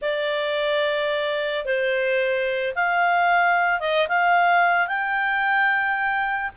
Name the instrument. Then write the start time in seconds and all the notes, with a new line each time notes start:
clarinet
0.01 D5
1.65 C5
2.75 F5
3.80 D#5
4.08 F5
4.87 G5